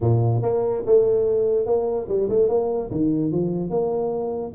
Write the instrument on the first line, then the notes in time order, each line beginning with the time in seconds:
tuba
0.00 A#2
0.42 A#3
0.85 A3
1.66 A#3
2.08 G3
2.29 A3
2.48 A#3
2.90 D#3
3.31 F3
3.69 A#3